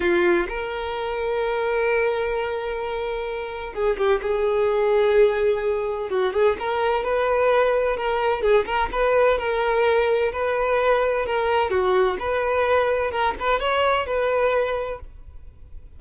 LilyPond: \new Staff \with { instrumentName = "violin" } { \time 4/4 \tempo 4 = 128 f'4 ais'2.~ | ais'1 | gis'8 g'8 gis'2.~ | gis'4 fis'8 gis'8 ais'4 b'4~ |
b'4 ais'4 gis'8 ais'8 b'4 | ais'2 b'2 | ais'4 fis'4 b'2 | ais'8 b'8 cis''4 b'2 | }